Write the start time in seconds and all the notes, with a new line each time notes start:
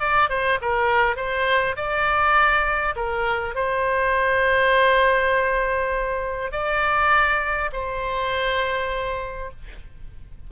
0.00 D5
0.29 C5
0.61 A#4
1.16 C5
1.77 D5
2.96 A#4
3.55 C5
6.52 D5
7.73 C5